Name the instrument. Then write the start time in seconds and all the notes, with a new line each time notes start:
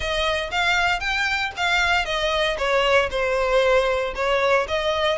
violin
0.00 D#5
0.51 F5
1.00 G5
1.56 F5
2.05 D#5
2.57 C#5
3.10 C5
4.15 C#5
4.68 D#5